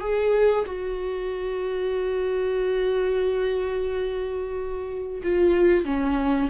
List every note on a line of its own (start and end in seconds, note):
0.00 0.65 G#4
0.66 5.22 F#4
5.23 5.85 F4
5.85 6.50 C#4